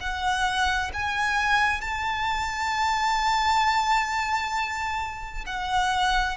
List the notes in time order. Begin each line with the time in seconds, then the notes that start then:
0.00 F#5
0.93 G#5
1.81 A5
5.46 F#5